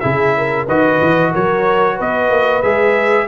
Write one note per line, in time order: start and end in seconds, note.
0.00 0.67 C#3
0.00 0.67 E4
0.00 0.35 G#4
0.00 0.65 E5
0.37 0.65 A#4
0.65 1.00 D#3
0.65 2.63 F#4
0.65 1.31 B4
0.65 1.34 D#5
1.01 1.34 E3
1.31 2.00 F#3
1.31 1.96 A#4
1.31 1.99 C#5
1.96 2.30 B3
1.96 3.26 B4
1.96 2.62 D#5
2.30 2.63 A#3
2.62 3.28 G#3
2.62 3.28 G#4
2.62 3.27 E5